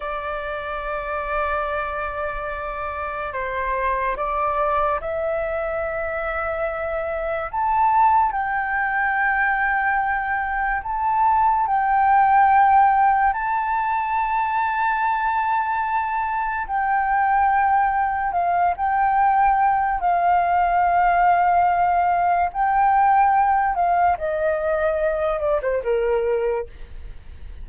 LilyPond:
\new Staff \with { instrumentName = "flute" } { \time 4/4 \tempo 4 = 72 d''1 | c''4 d''4 e''2~ | e''4 a''4 g''2~ | g''4 a''4 g''2 |
a''1 | g''2 f''8 g''4. | f''2. g''4~ | g''8 f''8 dis''4. d''16 c''16 ais'4 | }